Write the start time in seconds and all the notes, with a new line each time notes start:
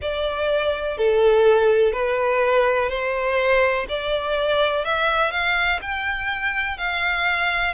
0.01 D5
0.97 A4
1.92 B4
2.89 C5
3.88 D5
4.84 E5
5.30 F5
5.81 G5
6.77 F5